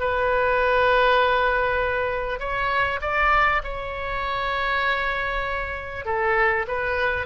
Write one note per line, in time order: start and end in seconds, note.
0.00 2.40 B4
2.40 3.01 C#5
3.02 3.62 D5
3.64 6.06 C#5
6.06 6.66 A4
6.68 7.27 B4